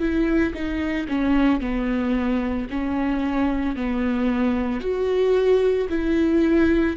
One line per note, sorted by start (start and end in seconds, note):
0.00 0.54 E4
0.54 1.07 D#4
1.09 1.61 C#4
1.61 2.68 B3
2.71 3.76 C#4
3.76 4.81 B3
4.81 5.88 F#4
5.89 6.96 E4